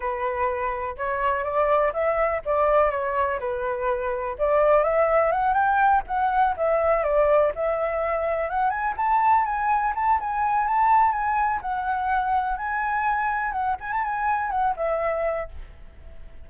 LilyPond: \new Staff \with { instrumentName = "flute" } { \time 4/4 \tempo 4 = 124 b'2 cis''4 d''4 | e''4 d''4 cis''4 b'4~ | b'4 d''4 e''4 fis''8 g''8~ | g''8 fis''4 e''4 d''4 e''8~ |
e''4. fis''8 gis''8 a''4 gis''8~ | gis''8 a''8 gis''4 a''4 gis''4 | fis''2 gis''2 | fis''8 gis''16 a''16 gis''4 fis''8 e''4. | }